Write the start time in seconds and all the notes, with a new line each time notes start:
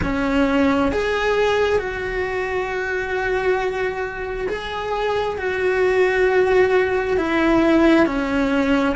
0.02 C#4
0.92 G#4
1.79 F#4
4.48 G#4
5.37 F#4
7.16 E4
8.06 C#4